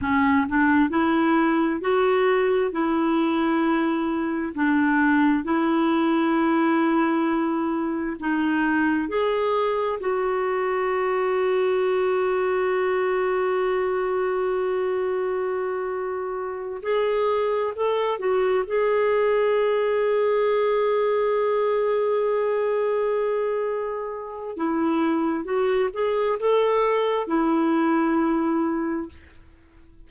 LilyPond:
\new Staff \with { instrumentName = "clarinet" } { \time 4/4 \tempo 4 = 66 cis'8 d'8 e'4 fis'4 e'4~ | e'4 d'4 e'2~ | e'4 dis'4 gis'4 fis'4~ | fis'1~ |
fis'2~ fis'8 gis'4 a'8 | fis'8 gis'2.~ gis'8~ | gis'2. e'4 | fis'8 gis'8 a'4 e'2 | }